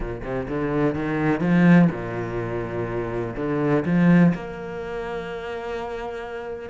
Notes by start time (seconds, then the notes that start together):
0.00 A#2
0.23 C3
0.48 D3
0.94 D#3
1.40 F3
1.91 A#2
3.36 D3
3.85 F3
4.34 A#3